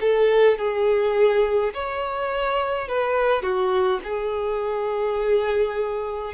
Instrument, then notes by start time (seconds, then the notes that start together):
violin
0.00 A4
0.58 G#4
1.74 C#5
2.88 B4
3.42 F#4
4.03 G#4